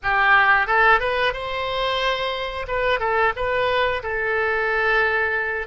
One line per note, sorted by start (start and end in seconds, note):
0.02 0.66 G4
0.66 0.99 A4
0.99 1.33 B4
1.33 2.66 C5
2.67 2.99 B4
2.99 3.32 A4
3.35 4.02 B4
4.02 5.67 A4